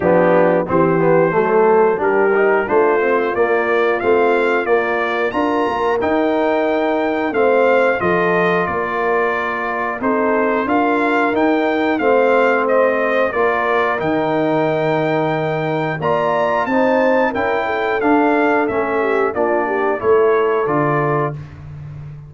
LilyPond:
<<
  \new Staff \with { instrumentName = "trumpet" } { \time 4/4 \tempo 4 = 90 g'4 c''2 ais'4 | c''4 d''4 f''4 d''4 | ais''4 g''2 f''4 | dis''4 d''2 c''4 |
f''4 g''4 f''4 dis''4 | d''4 g''2. | ais''4 a''4 g''4 f''4 | e''4 d''4 cis''4 d''4 | }
  \new Staff \with { instrumentName = "horn" } { \time 4/4 d'4 g'4 a'4 g'4 | f'1 | ais'2. c''4 | a'4 ais'2 a'4 |
ais'2 c''2 | ais'1 | d''4 c''4 ais'8 a'4.~ | a'8 g'8 f'8 g'8 a'2 | }
  \new Staff \with { instrumentName = "trombone" } { \time 4/4 b4 c'8 b8 a4 d'8 dis'8 | d'8 c'8 ais4 c'4 ais4 | f'4 dis'2 c'4 | f'2. dis'4 |
f'4 dis'4 c'2 | f'4 dis'2. | f'4 dis'4 e'4 d'4 | cis'4 d'4 e'4 f'4 | }
  \new Staff \with { instrumentName = "tuba" } { \time 4/4 f4 e4 fis4 g4 | a4 ais4 a4 ais4 | d'8 ais8 dis'2 a4 | f4 ais2 c'4 |
d'4 dis'4 a2 | ais4 dis2. | ais4 c'4 cis'4 d'4 | a4 ais4 a4 d4 | }
>>